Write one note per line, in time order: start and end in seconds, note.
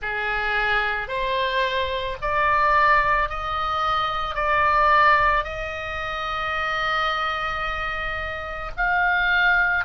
0.01 1.08 G#4
1.08 2.17 C5
2.21 3.29 D5
3.29 4.34 D#5
4.34 5.43 D5
5.43 8.71 D#5
8.76 9.85 F5